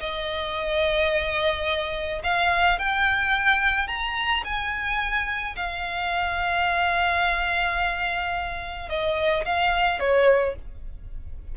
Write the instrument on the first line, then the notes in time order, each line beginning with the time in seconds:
violin
0.00 D#5
2.24 F5
2.79 G5
3.88 A#5
4.44 G#5
5.56 F5
8.90 D#5
9.45 F5
9.99 C#5